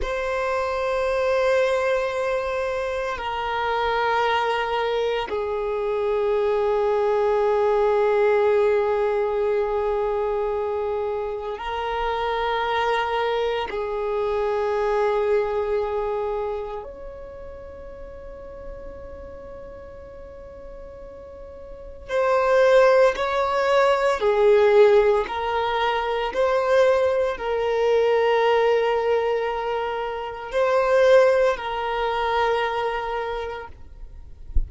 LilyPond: \new Staff \with { instrumentName = "violin" } { \time 4/4 \tempo 4 = 57 c''2. ais'4~ | ais'4 gis'2.~ | gis'2. ais'4~ | ais'4 gis'2. |
cis''1~ | cis''4 c''4 cis''4 gis'4 | ais'4 c''4 ais'2~ | ais'4 c''4 ais'2 | }